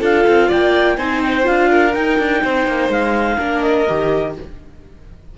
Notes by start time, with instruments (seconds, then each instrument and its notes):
0.00 cello D4, viola F4, violin A4, clarinet F5
0.27 cello C4
0.48 cello A#3, violin D5, clarinet G5
0.97 cello C4, viola D#4, violin C5, clarinet G#5
1.23 clarinet G5
1.43 cello D4, viola F4, clarinet F5
1.70 violin A#4
1.93 viola D#4, cello D#4, clarinet G5
2.19 cello D4
2.43 cello C4, violin C5
2.67 cello A#3
2.89 cello G#3, clarinet F5
3.38 cello A#3, viola D4, violin A#4
3.61 clarinet D#5
3.88 cello D#3, viola G4